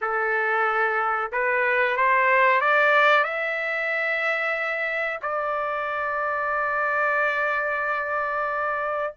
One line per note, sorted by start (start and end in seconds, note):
0.01 1.31 A4
1.32 1.97 B4
1.97 2.60 C5
2.60 3.23 D5
3.23 5.19 E5
5.21 9.13 D5